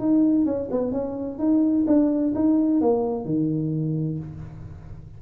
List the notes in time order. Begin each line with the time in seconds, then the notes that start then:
0.00 D#4
0.46 C#4
0.72 B3
0.92 C#4
1.39 D#4
1.87 D4
2.36 D#4
2.81 A#3
3.25 D#3